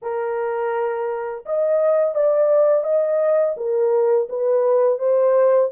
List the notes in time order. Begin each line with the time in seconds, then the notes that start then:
0.02 A#4
1.45 D#5
2.14 D5
2.83 D#5
3.56 A#4
4.29 B4
4.98 C5